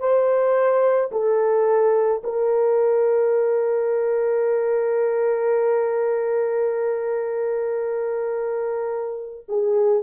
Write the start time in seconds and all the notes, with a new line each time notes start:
0.00 C5
1.12 A4
2.24 A#4
9.49 G#4